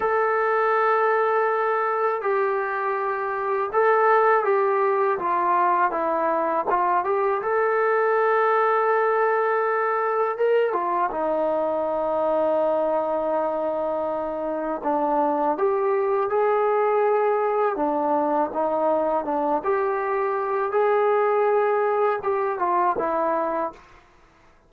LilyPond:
\new Staff \with { instrumentName = "trombone" } { \time 4/4 \tempo 4 = 81 a'2. g'4~ | g'4 a'4 g'4 f'4 | e'4 f'8 g'8 a'2~ | a'2 ais'8 f'8 dis'4~ |
dis'1 | d'4 g'4 gis'2 | d'4 dis'4 d'8 g'4. | gis'2 g'8 f'8 e'4 | }